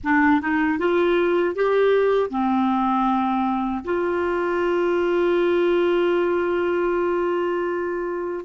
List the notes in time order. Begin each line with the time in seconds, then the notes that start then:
0.03 D4
0.41 D#4
0.78 F4
1.55 G4
2.30 C4
3.84 F4